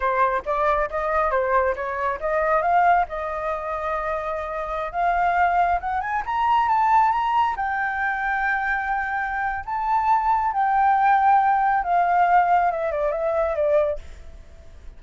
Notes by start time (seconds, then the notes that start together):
0.00 C5
0.45 D5
0.90 D#5
1.30 C5
1.75 C#5
2.20 D#5
2.61 F5
3.08 D#5
4.92 F5
5.80 F#5
6.00 G#5
6.25 A#5
6.68 A5
7.11 A#5
7.56 G5
9.65 A5
10.52 G5
11.83 F5
12.71 E5
12.91 D5
13.11 E5
13.55 D5